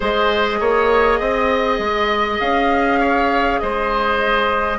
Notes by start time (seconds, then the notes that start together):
0.00 G#3 G#4 C5 D#5
0.59 A#3 C#5
1.19 C4 D#5
1.78 G#3
2.40 C#4 F5
2.99 C#5
3.59 G#3 C5 D#5